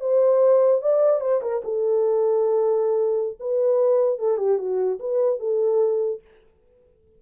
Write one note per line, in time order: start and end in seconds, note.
0.00 0.81 C5
0.81 1.20 D5
1.20 1.41 C5
1.42 1.62 A#4
1.64 3.38 A4
3.40 4.19 B4
4.19 4.37 A4
4.37 4.58 G4
4.58 4.99 F#4
4.99 5.39 B4
5.39 6.21 A4